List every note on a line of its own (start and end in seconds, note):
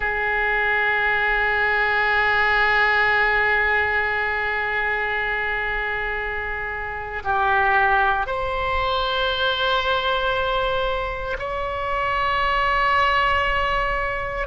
0.00 7.22 G#4
7.24 8.26 G4
8.26 11.36 C5
11.38 14.47 C#5